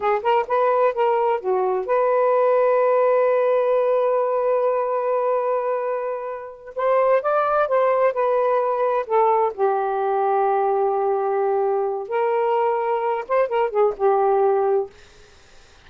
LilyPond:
\new Staff \with { instrumentName = "saxophone" } { \time 4/4 \tempo 4 = 129 gis'8 ais'8 b'4 ais'4 fis'4 | b'1~ | b'1~ | b'2~ b'8 c''4 d''8~ |
d''8 c''4 b'2 a'8~ | a'8 g'2.~ g'8~ | g'2 ais'2~ | ais'8 c''8 ais'8 gis'8 g'2 | }